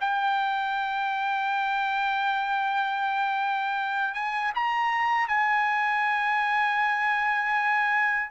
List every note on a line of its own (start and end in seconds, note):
0.00 4.14 G5
4.14 4.52 G#5
4.55 5.28 A#5
5.28 8.31 G#5